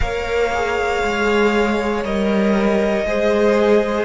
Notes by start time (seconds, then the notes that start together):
0.00 A#3 A#4 C#5 F5
0.54 G#4
1.03 G#3
2.03 G3 A#4 D#5
3.06 G#3 G#4 C5